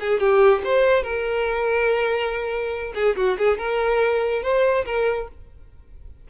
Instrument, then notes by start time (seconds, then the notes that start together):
violin
0.00 G#4
0.19 G4
0.64 C5
1.03 A#4
2.94 G#4
3.16 F#4
3.38 G#4
3.58 A#4
4.43 C5
4.85 A#4